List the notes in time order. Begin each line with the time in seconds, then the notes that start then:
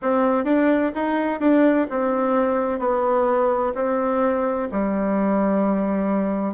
0.02 C4
0.44 D4
0.95 D#4
1.40 D4
1.90 C4
2.79 B3
3.75 C4
4.71 G3